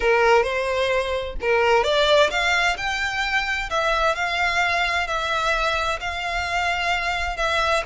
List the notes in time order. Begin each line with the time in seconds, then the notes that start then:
0.00 A#4
0.43 C5
1.41 A#4
1.83 D5
2.30 F5
2.77 G5
3.70 E5
4.15 F5
5.07 E5
6.00 F5
7.37 E5